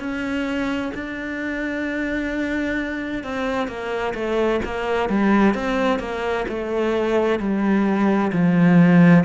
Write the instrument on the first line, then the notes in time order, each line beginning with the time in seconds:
cello
0.00 C#4
0.95 D4
3.24 C4
3.68 A#3
4.15 A3
4.65 A#3
5.09 G3
5.55 C4
6.00 A#3
6.49 A3
7.40 G3
8.32 F3